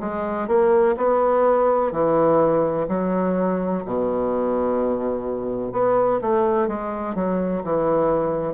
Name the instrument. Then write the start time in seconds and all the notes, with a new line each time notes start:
bassoon
0.00 G#3
0.47 A#3
0.97 B3
1.91 E3
2.88 F#3
3.85 B2
5.72 B3
6.21 A3
6.68 G#3
7.15 F#3
7.63 E3